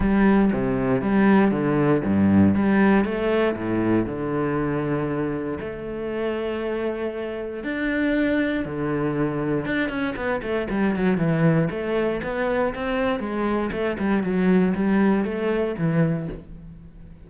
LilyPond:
\new Staff \with { instrumentName = "cello" } { \time 4/4 \tempo 4 = 118 g4 c4 g4 d4 | g,4 g4 a4 a,4 | d2. a4~ | a2. d'4~ |
d'4 d2 d'8 cis'8 | b8 a8 g8 fis8 e4 a4 | b4 c'4 gis4 a8 g8 | fis4 g4 a4 e4 | }